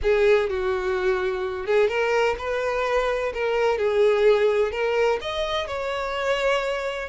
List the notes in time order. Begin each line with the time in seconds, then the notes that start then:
0.02 G#4
0.49 F#4
1.66 G#4
1.88 A#4
2.38 B4
3.33 A#4
3.78 G#4
4.71 A#4
5.21 D#5
5.67 C#5